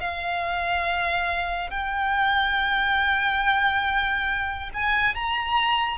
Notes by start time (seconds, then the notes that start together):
0.00 F5
1.70 G5
4.74 G#5
5.15 A#5